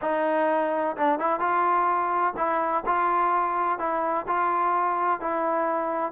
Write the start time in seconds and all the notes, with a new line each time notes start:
0.01 D#4
0.96 D4
1.19 E4
1.39 F4
2.36 E4
2.86 F4
3.78 E4
4.27 F4
5.20 E4